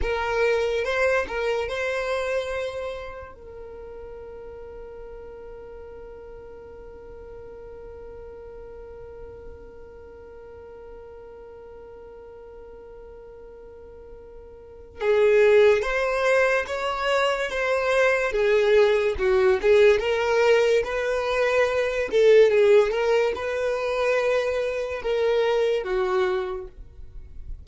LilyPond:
\new Staff \with { instrumentName = "violin" } { \time 4/4 \tempo 4 = 72 ais'4 c''8 ais'8 c''2 | ais'1~ | ais'1~ | ais'1~ |
ais'2 gis'4 c''4 | cis''4 c''4 gis'4 fis'8 gis'8 | ais'4 b'4. a'8 gis'8 ais'8 | b'2 ais'4 fis'4 | }